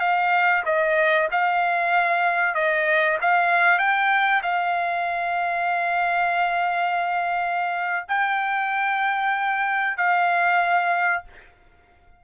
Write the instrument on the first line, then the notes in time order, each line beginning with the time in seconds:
trumpet
0.00 F5
0.66 D#5
1.32 F5
2.55 D#5
3.22 F5
3.79 G5
4.43 F5
8.08 G5
9.97 F5